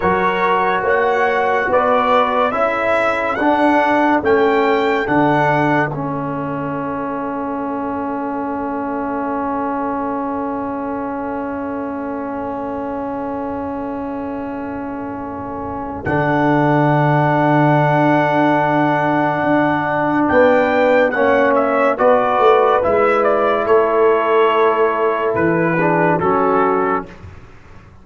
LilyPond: <<
  \new Staff \with { instrumentName = "trumpet" } { \time 4/4 \tempo 4 = 71 cis''4 fis''4 d''4 e''4 | fis''4 g''4 fis''4 e''4~ | e''1~ | e''1~ |
e''2. fis''4~ | fis''1 | g''4 fis''8 e''8 d''4 e''8 d''8 | cis''2 b'4 a'4 | }
  \new Staff \with { instrumentName = "horn" } { \time 4/4 ais'4 cis''4 b'4 a'4~ | a'1~ | a'1~ | a'1~ |
a'1~ | a'1 | b'4 cis''4 b'2 | a'2~ a'8 gis'8 fis'4 | }
  \new Staff \with { instrumentName = "trombone" } { \time 4/4 fis'2. e'4 | d'4 cis'4 d'4 cis'4~ | cis'1~ | cis'1~ |
cis'2. d'4~ | d'1~ | d'4 cis'4 fis'4 e'4~ | e'2~ e'8 d'8 cis'4 | }
  \new Staff \with { instrumentName = "tuba" } { \time 4/4 fis4 ais4 b4 cis'4 | d'4 a4 d4 a4~ | a1~ | a1~ |
a2. d4~ | d2. d'4 | b4 ais4 b8 a8 gis4 | a2 e4 fis4 | }
>>